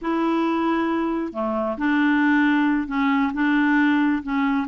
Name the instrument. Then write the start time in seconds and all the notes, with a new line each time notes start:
clarinet
0.01 E4
1.33 A3
1.77 D4
2.87 C#4
3.33 D4
4.22 C#4